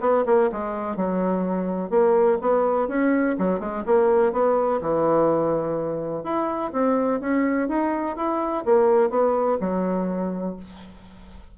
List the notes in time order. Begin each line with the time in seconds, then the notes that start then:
0.00 B3
0.26 A#3
0.51 G#3
0.96 F#3
1.90 A#3
2.41 B3
2.88 C#4
3.38 F#3
3.59 G#3
3.86 A#3
4.32 B3
4.81 E3
6.23 E4
6.72 C4
7.20 C#4
7.68 D#4
8.16 E4
8.65 A#3
9.10 B3
9.60 F#3